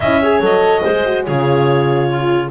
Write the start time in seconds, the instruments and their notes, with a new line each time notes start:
0.00 double bass C#4, horn E4, clarinet D#5 E5
0.21 horn G#4, clarinet C#5
0.39 double bass F#3, horn A4, clarinet D#5
0.83 double bass G#3, horn G#4, clarinet C5
1.05 horn F#4
1.24 double bass C#3, horn F4, clarinet G#4 C#5
2.09 clarinet F4